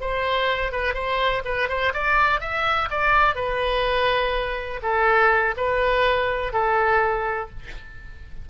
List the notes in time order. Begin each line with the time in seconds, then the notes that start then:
0.00 C5
0.72 B4
0.93 C5
1.45 B4
1.68 C5
1.93 D5
2.40 E5
2.90 D5
3.35 B4
4.82 A4
5.57 B4
6.53 A4